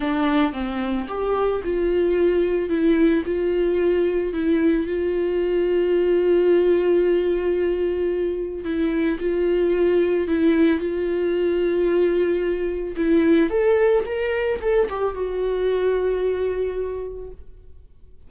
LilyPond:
\new Staff \with { instrumentName = "viola" } { \time 4/4 \tempo 4 = 111 d'4 c'4 g'4 f'4~ | f'4 e'4 f'2 | e'4 f'2.~ | f'1 |
e'4 f'2 e'4 | f'1 | e'4 a'4 ais'4 a'8 g'8 | fis'1 | }